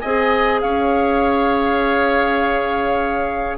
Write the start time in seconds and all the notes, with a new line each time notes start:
0.00 C4 G#4 D#5 G#5
0.61 C#4 C#5 F5